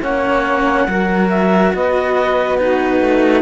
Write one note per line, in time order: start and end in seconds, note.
0.00 0.87 A#3
0.00 0.88 C#4
0.00 0.86 C#5
0.00 1.29 F#5
0.87 1.73 F#3
0.87 2.58 F#4
0.87 1.74 A#4
1.29 1.72 E5
1.74 3.01 B3
1.74 2.58 B4
1.74 2.58 D#5
2.58 3.42 D#4
2.58 3.42 F#4
2.58 3.42 B4
3.01 3.42 A3